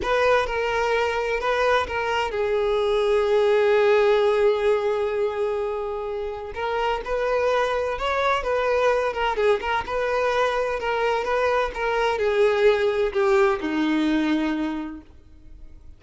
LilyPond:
\new Staff \with { instrumentName = "violin" } { \time 4/4 \tempo 4 = 128 b'4 ais'2 b'4 | ais'4 gis'2.~ | gis'1~ | gis'2 ais'4 b'4~ |
b'4 cis''4 b'4. ais'8 | gis'8 ais'8 b'2 ais'4 | b'4 ais'4 gis'2 | g'4 dis'2. | }